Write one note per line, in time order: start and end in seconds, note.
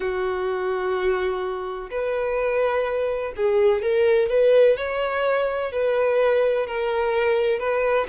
0.00 1.90 F#4
1.90 3.33 B4
3.36 3.81 G#4
3.81 4.29 A#4
4.29 4.76 B4
4.76 5.71 C#5
5.71 6.67 B4
6.67 7.59 A#4
7.59 8.06 B4